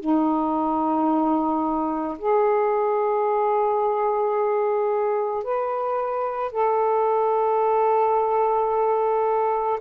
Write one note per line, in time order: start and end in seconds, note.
0.00 2.18 D#4
2.19 5.44 G#4
5.44 6.52 B4
6.52 9.79 A4